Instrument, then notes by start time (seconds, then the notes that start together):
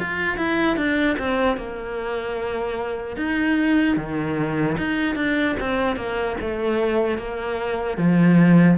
cello
0.00 F4
0.37 E4
0.77 D4
1.19 C4
1.57 A#3
3.17 D#4
3.97 D#3
4.78 D#4
5.16 D4
5.60 C4
5.97 A#3
6.41 A3
7.19 A#3
7.98 F3